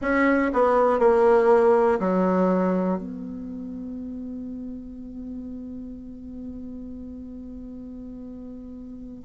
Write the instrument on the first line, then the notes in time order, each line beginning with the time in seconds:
bassoon
0.01 C#4
0.53 B3
0.99 A#3
1.99 F#3
2.97 B3